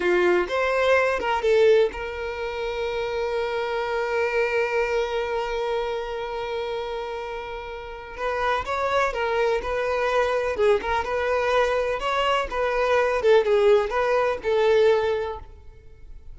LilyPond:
\new Staff \with { instrumentName = "violin" } { \time 4/4 \tempo 4 = 125 f'4 c''4. ais'8 a'4 | ais'1~ | ais'1~ | ais'1~ |
ais'4 b'4 cis''4 ais'4 | b'2 gis'8 ais'8 b'4~ | b'4 cis''4 b'4. a'8 | gis'4 b'4 a'2 | }